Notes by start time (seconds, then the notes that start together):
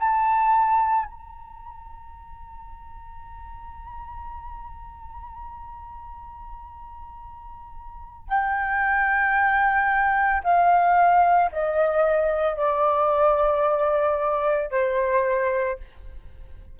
0.00 A5
1.06 A#5
8.29 G5
10.44 F5
11.52 D#5
12.57 D5
14.71 C5